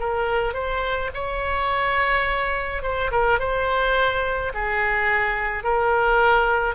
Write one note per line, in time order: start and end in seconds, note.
0.00 0.54 A#4
0.54 1.11 C5
1.14 2.83 C#5
2.83 3.11 C5
3.12 3.40 A#4
3.40 4.53 C5
4.54 5.64 G#4
5.64 6.75 A#4